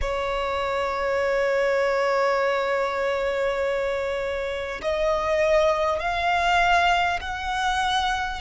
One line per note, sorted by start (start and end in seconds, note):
0.01 4.81 C#5
4.81 5.99 D#5
5.99 7.19 F5
7.20 8.40 F#5